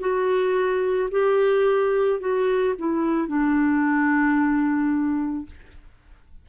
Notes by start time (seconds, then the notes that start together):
0.00 F#4
1.11 G4
2.20 F#4
2.78 E4
3.28 D4